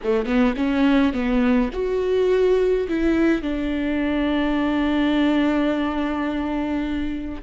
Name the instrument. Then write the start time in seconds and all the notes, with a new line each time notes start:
viola
0.03 A3
0.25 B3
0.56 C#4
1.13 B3
1.73 F#4
2.88 E4
3.42 D4